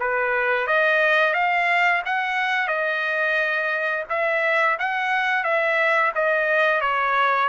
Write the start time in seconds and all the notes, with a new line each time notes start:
0.00 B4
0.68 D#5
1.34 F5
2.06 F#5
2.68 D#5
4.10 E5
4.79 F#5
5.44 E5
6.15 D#5
6.81 C#5